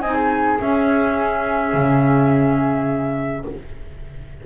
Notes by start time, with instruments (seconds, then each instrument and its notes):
0.00 double bass C4, clarinet D#4, flute D#5 G#5
0.14 flute G#4
0.58 clarinet C#4, double bass C#4, flute E5
1.73 double bass C#3